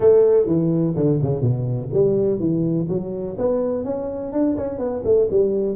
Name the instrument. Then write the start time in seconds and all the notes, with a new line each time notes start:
tuba
0.00 A3
0.46 E3
0.95 D3
1.22 C#3
1.41 B2
1.93 G3
2.39 E3
2.88 F#3
3.38 B3
3.84 C#4
4.32 D4
4.57 C#4
4.78 B3
5.04 A3
5.30 G3